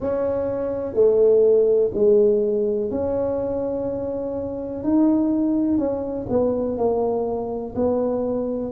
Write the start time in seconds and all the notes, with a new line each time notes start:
0.00 C#4
0.94 A3
1.94 G#3
2.90 C#4
4.83 D#4
5.78 C#4
6.29 B3
6.77 A#3
7.75 B3